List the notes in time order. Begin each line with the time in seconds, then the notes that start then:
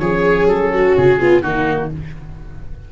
0.00 F3 C#4 G#4 C#5
0.46 F#3 A4
0.74 F#4
0.98 C#3 G#4
1.19 B3 F4
1.42 D#3 A#3 D#4 F#4